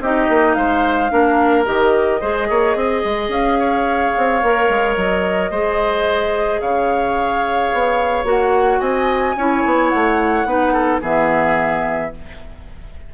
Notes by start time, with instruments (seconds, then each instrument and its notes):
0.00 bassoon C4, clarinet D#4, oboe G4, flute D#5
0.29 bassoon A#3
0.54 bassoon G#3, oboe C5, flute F5
1.10 bassoon A#3, clarinet D4, oboe A#4
1.65 bassoon D#3, clarinet G4, flute D#5
2.20 bassoon G#3, clarinet G#4, oboe C5
2.50 bassoon A#3, oboe C#5
2.75 bassoon C4, oboe D#5
3.04 bassoon G#3
3.28 bassoon C#4, flute F5
3.59 oboe C#5
4.17 bassoon C4
4.42 bassoon A#3, clarinet A#4
4.69 bassoon G#3
4.96 bassoon F#3, flute D#5
5.51 bassoon G#3, clarinet G#4, oboe C5
6.60 bassoon C#3, oboe C#5, flute F5
7.73 bassoon B3
8.24 bassoon A#3, clarinet F#4, flute F#5
8.80 bassoon C4, oboe D#5, flute G#5
9.36 bassoon C#4, clarinet E4, oboe C#5
9.65 bassoon B3
9.89 bassoon A3, flute F#5
10.45 bassoon B3, clarinet D#4, oboe B4
10.73 oboe A4
11.01 bassoon E3, clarinet B3, oboe G#4, flute E5